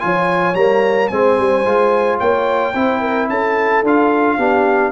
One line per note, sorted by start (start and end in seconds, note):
0.00 0.54 F3
0.00 0.55 F4
0.00 1.10 C#5
0.00 0.55 G#5
0.54 1.09 G3
0.54 1.11 A#3
0.54 1.08 A#5
1.08 1.38 G#3
1.08 1.65 C4
1.08 2.18 C5
1.08 2.17 G#5
1.38 1.65 G3
1.65 2.20 G#3
1.65 2.74 F4
2.18 2.74 A#3
2.18 2.72 C#5
2.18 3.28 G5
2.73 3.29 C4
2.73 3.84 E4
2.73 3.00 C5
3.01 3.28 A#4
3.29 3.83 C#4
3.29 4.37 A4
3.29 3.84 A5
3.83 4.38 D4
3.83 4.39 F4
3.83 4.92 F5
4.37 4.92 B3
4.37 4.92 D4
4.37 4.92 G4